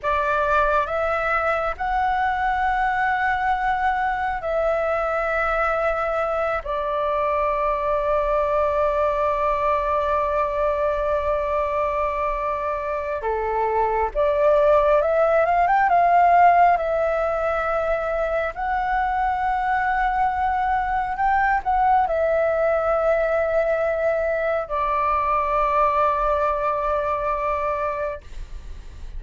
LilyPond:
\new Staff \with { instrumentName = "flute" } { \time 4/4 \tempo 4 = 68 d''4 e''4 fis''2~ | fis''4 e''2~ e''8 d''8~ | d''1~ | d''2. a'4 |
d''4 e''8 f''16 g''16 f''4 e''4~ | e''4 fis''2. | g''8 fis''8 e''2. | d''1 | }